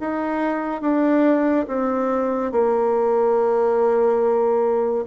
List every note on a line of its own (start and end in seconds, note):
0.00 0.81 D#4
0.81 1.66 D4
1.67 2.52 C4
2.52 5.05 A#3